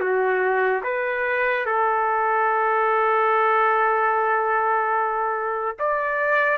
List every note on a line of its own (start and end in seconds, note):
0.00 0.82 F#4
0.83 1.66 B4
1.66 5.76 A4
5.79 6.58 D5